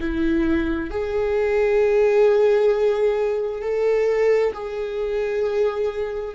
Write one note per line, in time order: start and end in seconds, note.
0.00 0.90 E4
0.90 3.62 G#4
3.62 4.52 A4
4.53 6.34 G#4